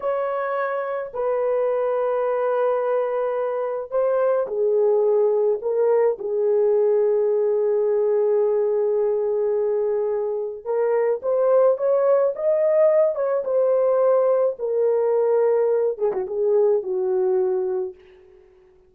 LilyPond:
\new Staff \with { instrumentName = "horn" } { \time 4/4 \tempo 4 = 107 cis''2 b'2~ | b'2. c''4 | gis'2 ais'4 gis'4~ | gis'1~ |
gis'2. ais'4 | c''4 cis''4 dis''4. cis''8 | c''2 ais'2~ | ais'8 gis'16 fis'16 gis'4 fis'2 | }